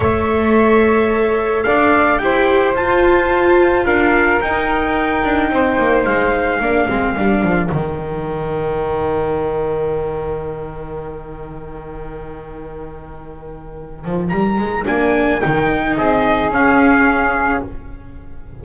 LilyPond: <<
  \new Staff \with { instrumentName = "trumpet" } { \time 4/4 \tempo 4 = 109 e''2. f''4 | g''4 a''2 f''4 | g''2. f''4~ | f''2 g''2~ |
g''1~ | g''1~ | g''2 ais''4 gis''4 | g''4 dis''4 f''2 | }
  \new Staff \with { instrumentName = "flute" } { \time 4/4 cis''2. d''4 | c''2. ais'4~ | ais'2 c''2 | ais'1~ |
ais'1~ | ais'1~ | ais'1~ | ais'4 gis'2. | }
  \new Staff \with { instrumentName = "viola" } { \time 4/4 a'1 | g'4 f'2. | dis'1 | d'8 c'8 d'4 dis'2~ |
dis'1~ | dis'1~ | dis'2. d'4 | dis'2 cis'2 | }
  \new Staff \with { instrumentName = "double bass" } { \time 4/4 a2. d'4 | e'4 f'2 d'4 | dis'4. d'8 c'8 ais8 gis4 | ais8 gis8 g8 f8 dis2~ |
dis1~ | dis1~ | dis4. f8 g8 gis8 ais4 | dis4 c'4 cis'2 | }
>>